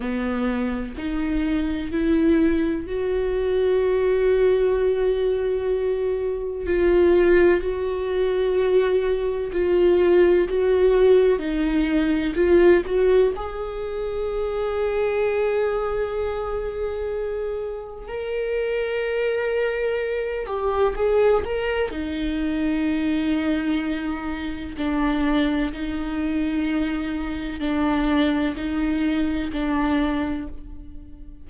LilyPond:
\new Staff \with { instrumentName = "viola" } { \time 4/4 \tempo 4 = 63 b4 dis'4 e'4 fis'4~ | fis'2. f'4 | fis'2 f'4 fis'4 | dis'4 f'8 fis'8 gis'2~ |
gis'2. ais'4~ | ais'4. g'8 gis'8 ais'8 dis'4~ | dis'2 d'4 dis'4~ | dis'4 d'4 dis'4 d'4 | }